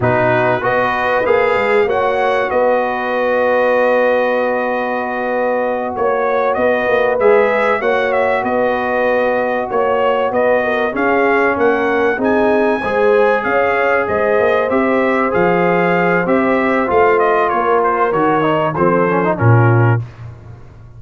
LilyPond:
<<
  \new Staff \with { instrumentName = "trumpet" } { \time 4/4 \tempo 4 = 96 b'4 dis''4 f''4 fis''4 | dis''1~ | dis''4. cis''4 dis''4 e''8~ | e''8 fis''8 e''8 dis''2 cis''8~ |
cis''8 dis''4 f''4 fis''4 gis''8~ | gis''4. f''4 dis''4 e''8~ | e''8 f''4. e''4 f''8 dis''8 | cis''8 c''8 cis''4 c''4 ais'4 | }
  \new Staff \with { instrumentName = "horn" } { \time 4/4 fis'4 b'2 cis''4 | b'1~ | b'4. cis''4 b'4.~ | b'8 cis''4 b'2 cis''8~ |
cis''8 b'8 ais'8 gis'4 ais'4 gis'8~ | gis'8 c''4 cis''4 c''4.~ | c''1 | ais'2 a'4 f'4 | }
  \new Staff \with { instrumentName = "trombone" } { \time 4/4 dis'4 fis'4 gis'4 fis'4~ | fis'1~ | fis'2.~ fis'8 gis'8~ | gis'8 fis'2.~ fis'8~ |
fis'4. cis'2 dis'8~ | dis'8 gis'2. g'8~ | g'8 gis'4. g'4 f'4~ | f'4 fis'8 dis'8 c'8 cis'16 dis'16 cis'4 | }
  \new Staff \with { instrumentName = "tuba" } { \time 4/4 b,4 b4 ais8 gis8 ais4 | b1~ | b4. ais4 b8 ais8 gis8~ | gis8 ais4 b2 ais8~ |
ais8 b4 cis'4 ais4 c'8~ | c'8 gis4 cis'4 gis8 ais8 c'8~ | c'8 f4. c'4 a4 | ais4 dis4 f4 ais,4 | }
>>